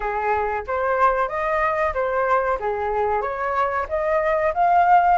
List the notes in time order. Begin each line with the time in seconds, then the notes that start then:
0.00 G#4
0.67 C5
1.28 D#5
1.94 C5
2.59 G#4
3.21 C#5
3.88 D#5
4.54 F5